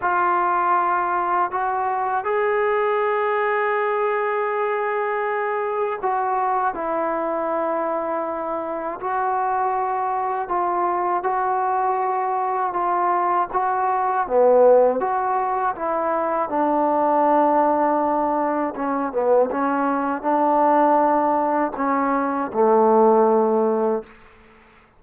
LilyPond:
\new Staff \with { instrumentName = "trombone" } { \time 4/4 \tempo 4 = 80 f'2 fis'4 gis'4~ | gis'1 | fis'4 e'2. | fis'2 f'4 fis'4~ |
fis'4 f'4 fis'4 b4 | fis'4 e'4 d'2~ | d'4 cis'8 b8 cis'4 d'4~ | d'4 cis'4 a2 | }